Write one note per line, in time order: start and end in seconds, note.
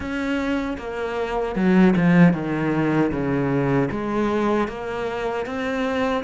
0.00 0.77 C#4
0.78 1.55 A#3
1.55 1.94 F#3
1.96 2.33 F3
2.33 3.11 D#3
3.11 3.89 C#3
3.91 4.68 G#3
4.68 5.45 A#3
5.45 6.23 C4